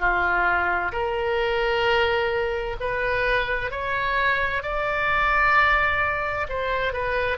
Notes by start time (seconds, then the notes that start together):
0.00 F4
0.93 A#4
2.81 B4
3.72 C#5
4.63 D5
6.50 C5
6.94 B4